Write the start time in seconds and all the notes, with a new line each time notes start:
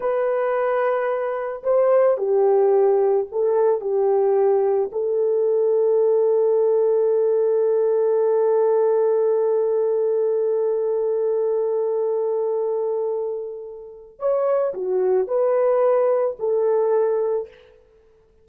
0.00 B4
1.63 C5
2.17 G4
3.31 A4
3.81 G4
4.92 A4
14.19 C#5
14.73 F#4
15.27 B4
16.39 A4